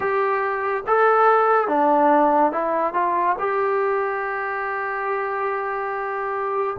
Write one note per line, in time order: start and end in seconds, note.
0.00 0.83 G4
0.86 1.68 A4
1.68 2.51 D4
2.51 2.93 E4
2.93 3.36 F4
3.38 6.76 G4